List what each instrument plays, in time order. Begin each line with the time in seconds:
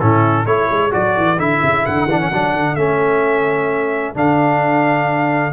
0.00 tuba A2, trombone C#4, horn E4, trumpet A4
0.46 tuba A3, trombone E4, horn A4, trumpet C#5
0.70 tuba G#3
0.91 tuba F#3, trombone F#4, trumpet D5
1.18 tuba E3
1.39 tuba D3, trombone E4, trumpet E5
1.63 tuba C#3
1.86 tuba D3, trumpet F#5
2.06 tuba E3, trombone D4
2.21 trombone C#4
2.32 tuba F#3, trombone D4
2.53 tuba D3
2.76 tuba A3, trombone C#4, trumpet E5
4.15 tuba D3, trombone D4, trumpet F5